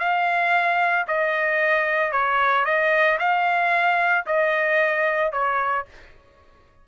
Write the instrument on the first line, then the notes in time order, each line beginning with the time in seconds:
trumpet
0.00 F5
1.08 D#5
2.12 C#5
2.66 D#5
3.19 F5
4.27 D#5
5.33 C#5